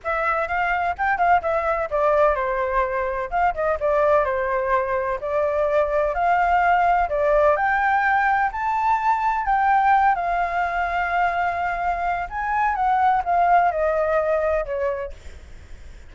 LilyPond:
\new Staff \with { instrumentName = "flute" } { \time 4/4 \tempo 4 = 127 e''4 f''4 g''8 f''8 e''4 | d''4 c''2 f''8 dis''8 | d''4 c''2 d''4~ | d''4 f''2 d''4 |
g''2 a''2 | g''4. f''2~ f''8~ | f''2 gis''4 fis''4 | f''4 dis''2 cis''4 | }